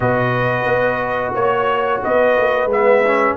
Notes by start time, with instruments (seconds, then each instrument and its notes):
0.00 tuba B2, trombone F#4, horn B4, trumpet D#5
0.65 tuba B3
1.34 tuba A#3, trumpet C#5, horn C#5
2.04 tuba B3, horn B4, trumpet D#5
2.37 tuba A#3
2.65 tuba G#3, trombone B3
2.71 trumpet E5
3.05 trombone C#4